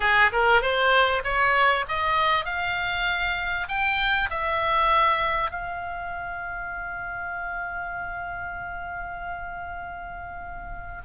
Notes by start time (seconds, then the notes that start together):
0.00 G#4
0.32 A#4
0.61 C5
1.24 C#5
1.88 D#5
2.45 F5
3.68 G5
4.30 E5
5.50 F5